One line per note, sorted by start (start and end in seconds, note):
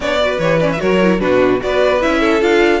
0.00 0.37 B3
0.00 0.20 D4
0.00 0.21 C#5
0.00 0.39 D5
0.20 0.40 F#4
0.20 0.80 B4
0.38 0.79 E3
0.38 0.60 G4
0.38 0.59 C#5
0.59 0.77 C#4
0.59 0.70 D5
0.72 0.97 F#4
0.72 0.80 E5
0.80 1.21 F#3
0.80 1.20 A#4
0.80 1.20 C#5
1.01 1.19 E4
1.19 1.62 B2
1.19 1.59 D4
1.19 1.61 F#4
1.19 1.60 B4
1.59 2.03 B3
1.59 1.99 F#4
1.59 2.01 D5
1.66 2.20 B4
2.00 2.41 C#4
2.00 2.40 E4
2.00 2.42 E5
2.20 2.80 A4
2.40 2.80 D4
2.40 2.80 F4
2.40 2.80 F5